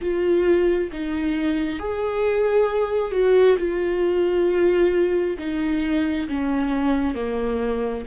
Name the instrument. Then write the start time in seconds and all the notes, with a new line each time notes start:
viola
0.01 F4
0.92 D#4
1.79 G#4
3.11 F#4
3.58 F4
5.38 D#4
6.28 C#4
7.14 A#3